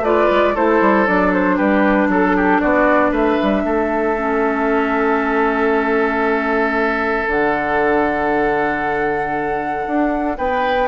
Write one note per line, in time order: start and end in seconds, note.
0.00 0.26 A3
0.00 0.55 F4
0.00 0.55 B4
0.00 0.56 D5
0.31 0.56 G#3
0.55 0.81 A3
0.55 1.06 E4
0.55 1.56 A4
0.55 1.07 C5
0.81 1.07 G3
1.06 1.59 F#3
1.06 4.16 D4
1.06 1.33 D5
1.33 1.57 C5
1.56 2.08 G3
1.56 2.08 G4
1.56 2.09 B4
2.08 2.60 F#3
2.08 2.36 A4
2.08 2.60 A4
2.36 2.61 G4
2.60 3.12 B3
2.60 3.11 F#4
2.60 3.12 D5
3.11 3.37 A3
3.11 3.63 B4
3.11 7.30 E5
3.43 3.64 G3
3.64 7.26 A3
3.64 10.37 A4
4.18 7.28 C#4
7.27 9.86 D3
7.27 10.88 D4
7.27 10.38 F#5
9.87 10.38 D4
10.37 10.88 B3
10.37 10.88 B4
10.37 10.88 G5